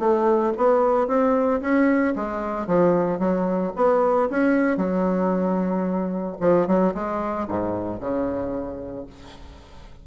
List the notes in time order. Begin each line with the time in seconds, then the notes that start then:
0.00 A3
0.57 B3
1.08 C4
1.62 C#4
2.16 G#3
2.67 F3
3.20 F#3
3.77 B3
4.30 C#4
4.77 F#3
6.41 F3
6.68 F#3
6.95 G#3
7.48 G#2
8.01 C#3